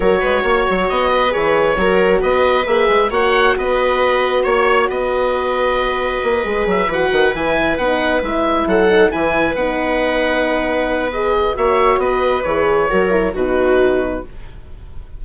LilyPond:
<<
  \new Staff \with { instrumentName = "oboe" } { \time 4/4 \tempo 4 = 135 cis''2 dis''4 cis''4~ | cis''4 dis''4 e''4 fis''4 | dis''2 cis''4 dis''4~ | dis''2. e''8 fis''8~ |
fis''8 gis''4 fis''4 e''4 fis''8~ | fis''8 gis''4 fis''2~ fis''8~ | fis''4 dis''4 e''4 dis''4 | cis''2 b'2 | }
  \new Staff \with { instrumentName = "viola" } { \time 4/4 ais'8 b'8 cis''4. b'4. | ais'4 b'2 cis''4 | b'2 cis''4 b'4~ | b'1~ |
b'2.~ b'8 a'8~ | a'8 b'2.~ b'8~ | b'2 cis''4 b'4~ | b'4 ais'4 fis'2 | }
  \new Staff \with { instrumentName = "horn" } { \time 4/4 fis'2. gis'4 | fis'2 gis'4 fis'4~ | fis'1~ | fis'2~ fis'8 gis'4 fis'8~ |
fis'8 e'4 dis'4 e'4. | dis'8 e'4 dis'2~ dis'8~ | dis'4 gis'4 fis'2 | gis'4 fis'8 e'8 dis'2 | }
  \new Staff \with { instrumentName = "bassoon" } { \time 4/4 fis8 gis8 ais8 fis8 b4 e4 | fis4 b4 ais8 gis8 ais4 | b2 ais4 b4~ | b2 ais8 gis8 fis8 e8 |
dis8 e4 b4 gis4 fis8~ | fis8 e4 b2~ b8~ | b2 ais4 b4 | e4 fis4 b,2 | }
>>